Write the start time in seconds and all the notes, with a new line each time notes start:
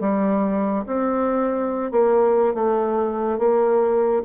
0.00 G3
0.86 C4
1.91 A#3
2.54 A3
3.38 A#3